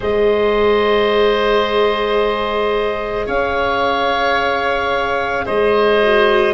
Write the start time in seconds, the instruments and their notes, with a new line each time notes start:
0.00 tuba G#3, viola G#4, oboe C5, clarinet D#5
3.26 tuba C#4, oboe C#5, clarinet F5
5.45 tuba G#3, oboe C5, clarinet D#5
6.02 viola F#4